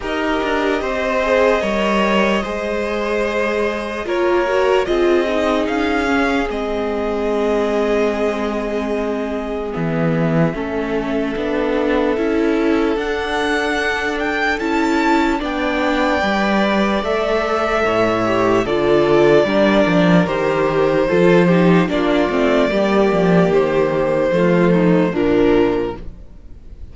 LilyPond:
<<
  \new Staff \with { instrumentName = "violin" } { \time 4/4 \tempo 4 = 74 dis''1~ | dis''4 cis''4 dis''4 f''4 | dis''1 | e''1 |
fis''4. g''8 a''4 g''4~ | g''4 e''2 d''4~ | d''4 c''2 d''4~ | d''4 c''2 ais'4 | }
  \new Staff \with { instrumentName = "violin" } { \time 4/4 ais'4 c''4 cis''4 c''4~ | c''4 ais'4 gis'2~ | gis'1~ | gis'4 a'2.~ |
a'2. d''4~ | d''2 cis''4 a'4 | ais'2 a'8 g'8 f'4 | g'2 f'8 dis'8 d'4 | }
  \new Staff \with { instrumentName = "viola" } { \time 4/4 g'4. gis'8 ais'4 gis'4~ | gis'4 f'8 fis'8 f'8 dis'4 cis'8 | c'1 | b4 cis'4 d'4 e'4 |
d'2 e'4 d'4 | b'4 a'4. g'8 f'4 | d'4 g'4 f'8 dis'8 d'8 c'8 | ais2 a4 f4 | }
  \new Staff \with { instrumentName = "cello" } { \time 4/4 dis'8 d'8 c'4 g4 gis4~ | gis4 ais4 c'4 cis'4 | gis1 | e4 a4 b4 cis'4 |
d'2 cis'4 b4 | g4 a4 a,4 d4 | g8 f8 dis4 f4 ais8 a8 | g8 f8 dis4 f4 ais,4 | }
>>